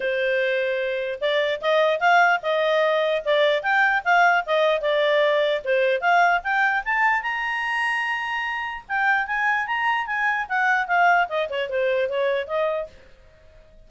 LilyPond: \new Staff \with { instrumentName = "clarinet" } { \time 4/4 \tempo 4 = 149 c''2. d''4 | dis''4 f''4 dis''2 | d''4 g''4 f''4 dis''4 | d''2 c''4 f''4 |
g''4 a''4 ais''2~ | ais''2 g''4 gis''4 | ais''4 gis''4 fis''4 f''4 | dis''8 cis''8 c''4 cis''4 dis''4 | }